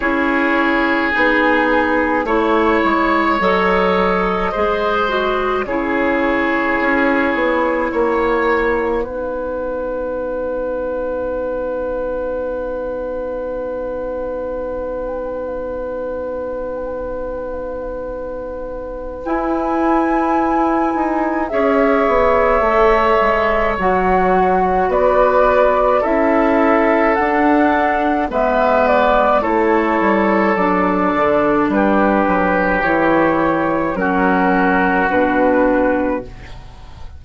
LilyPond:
<<
  \new Staff \with { instrumentName = "flute" } { \time 4/4 \tempo 4 = 53 cis''4 gis'4 cis''4 dis''4~ | dis''4 cis''2 fis''4~ | fis''1~ | fis''1~ |
fis''4 gis''2 e''4~ | e''4 fis''4 d''4 e''4 | fis''4 e''8 d''8 cis''4 d''4 | b'4 cis''4 ais'4 b'4 | }
  \new Staff \with { instrumentName = "oboe" } { \time 4/4 gis'2 cis''2 | c''4 gis'2 cis''4 | b'1~ | b'1~ |
b'2. cis''4~ | cis''2 b'4 a'4~ | a'4 b'4 a'2 | g'2 fis'2 | }
  \new Staff \with { instrumentName = "clarinet" } { \time 4/4 e'4 dis'4 e'4 a'4 | gis'8 fis'8 e'2. | dis'1~ | dis'1~ |
dis'4 e'2 gis'4 | a'4 fis'2 e'4 | d'4 b4 e'4 d'4~ | d'4 e'4 cis'4 d'4 | }
  \new Staff \with { instrumentName = "bassoon" } { \time 4/4 cis'4 b4 a8 gis8 fis4 | gis4 cis4 cis'8 b8 ais4 | b1~ | b1~ |
b4 e'4. dis'8 cis'8 b8 | a8 gis8 fis4 b4 cis'4 | d'4 gis4 a8 g8 fis8 d8 | g8 fis8 e4 fis4 b,4 | }
>>